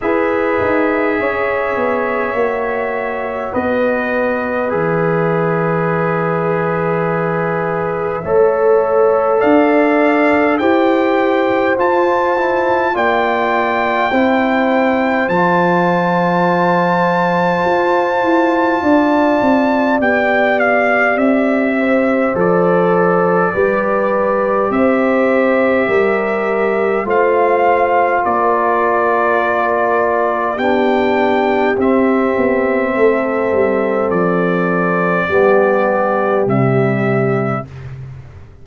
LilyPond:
<<
  \new Staff \with { instrumentName = "trumpet" } { \time 4/4 \tempo 4 = 51 e''2. dis''4 | e''1 | f''4 g''4 a''4 g''4~ | g''4 a''2.~ |
a''4 g''8 f''8 e''4 d''4~ | d''4 e''2 f''4 | d''2 g''4 e''4~ | e''4 d''2 e''4 | }
  \new Staff \with { instrumentName = "horn" } { \time 4/4 b'4 cis''2 b'4~ | b'2. cis''4 | d''4 c''2 d''4 | c''1 |
d''2~ d''8 c''4. | b'4 c''4 ais'4 c''4 | ais'2 g'2 | a'2 g'2 | }
  \new Staff \with { instrumentName = "trombone" } { \time 4/4 gis'2 fis'2 | gis'2. a'4~ | a'4 g'4 f'8 e'8 f'4 | e'4 f'2.~ |
f'4 g'2 a'4 | g'2. f'4~ | f'2 d'4 c'4~ | c'2 b4 g4 | }
  \new Staff \with { instrumentName = "tuba" } { \time 4/4 e'8 dis'8 cis'8 b8 ais4 b4 | e2. a4 | d'4 e'4 f'4 ais4 | c'4 f2 f'8 e'8 |
d'8 c'8 b4 c'4 f4 | g4 c'4 g4 a4 | ais2 b4 c'8 b8 | a8 g8 f4 g4 c4 | }
>>